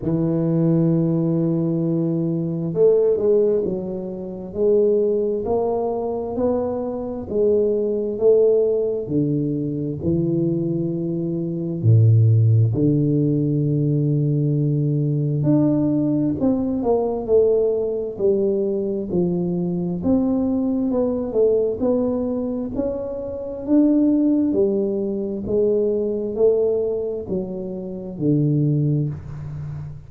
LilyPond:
\new Staff \with { instrumentName = "tuba" } { \time 4/4 \tempo 4 = 66 e2. a8 gis8 | fis4 gis4 ais4 b4 | gis4 a4 d4 e4~ | e4 a,4 d2~ |
d4 d'4 c'8 ais8 a4 | g4 f4 c'4 b8 a8 | b4 cis'4 d'4 g4 | gis4 a4 fis4 d4 | }